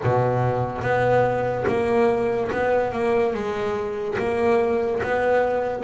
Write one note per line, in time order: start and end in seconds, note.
0.03 0.81 B2
0.81 1.64 B3
1.67 2.50 A#3
2.51 2.92 B3
2.92 3.33 A#3
3.33 4.17 G#3
4.18 5.02 A#3
5.02 5.83 B3